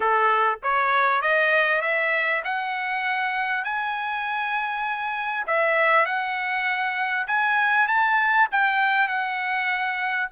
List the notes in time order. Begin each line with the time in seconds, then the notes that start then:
0.00 A4
0.62 C#5
1.21 D#5
1.81 E5
2.44 F#5
3.64 G#5
5.46 E5
6.05 F#5
7.27 G#5
7.87 A5
8.51 G5
9.07 F#5